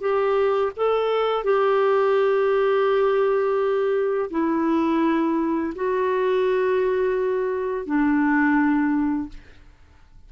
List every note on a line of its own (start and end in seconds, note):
0.00 0.71 G4
0.76 1.44 A4
1.44 4.30 G4
4.30 5.73 E4
5.75 7.86 F#4
7.86 9.29 D4